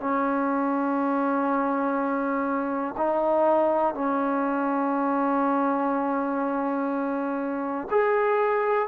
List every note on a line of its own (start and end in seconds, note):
0.00 2.95 C#4
2.97 3.95 D#4
3.95 7.88 C#4
7.91 8.88 G#4